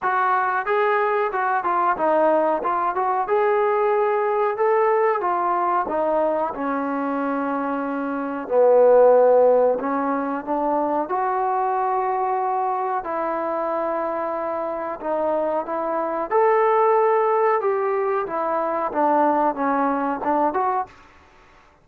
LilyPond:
\new Staff \with { instrumentName = "trombone" } { \time 4/4 \tempo 4 = 92 fis'4 gis'4 fis'8 f'8 dis'4 | f'8 fis'8 gis'2 a'4 | f'4 dis'4 cis'2~ | cis'4 b2 cis'4 |
d'4 fis'2. | e'2. dis'4 | e'4 a'2 g'4 | e'4 d'4 cis'4 d'8 fis'8 | }